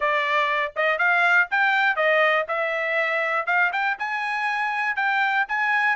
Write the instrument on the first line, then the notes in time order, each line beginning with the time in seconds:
trumpet
0.00 D5
0.76 D#5
0.98 F5
1.50 G5
1.96 D#5
2.48 E5
3.46 F5
3.72 G5
3.98 G#5
4.96 G5
5.48 G#5